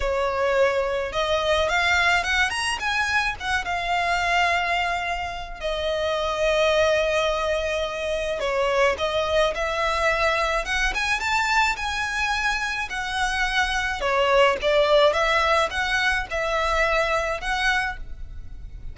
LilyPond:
\new Staff \with { instrumentName = "violin" } { \time 4/4 \tempo 4 = 107 cis''2 dis''4 f''4 | fis''8 ais''8 gis''4 fis''8 f''4.~ | f''2 dis''2~ | dis''2. cis''4 |
dis''4 e''2 fis''8 gis''8 | a''4 gis''2 fis''4~ | fis''4 cis''4 d''4 e''4 | fis''4 e''2 fis''4 | }